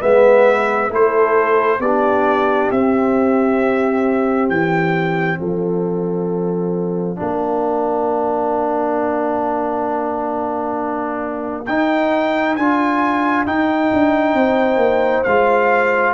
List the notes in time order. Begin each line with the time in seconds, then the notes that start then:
0.00 G#3 B3 B4 E5
0.90 A3 E4 A4 C5
1.79 B3 G4 D5
1.86 D4
2.71 C4 E5
4.49 E3 G5
5.39 F3 A4 F5
7.16 A#3 D4 A#4
11.66 D#4 G5
12.56 D4 F4 G#5
13.46 D#4 G5
13.93 D4
14.34 C4 C5
14.76 A#3
15.23 G#3 F4 F5